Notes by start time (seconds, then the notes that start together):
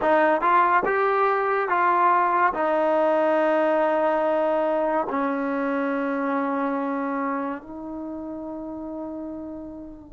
0.01 D#4
0.41 F4
0.85 G4
1.69 F4
2.54 D#4
5.09 C#4
7.62 D#4